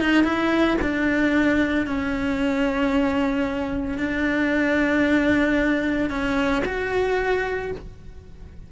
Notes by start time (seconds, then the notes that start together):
0.00 D#4
0.24 E4
0.81 D4
1.86 C#4
3.98 D4
6.09 C#4
6.65 F#4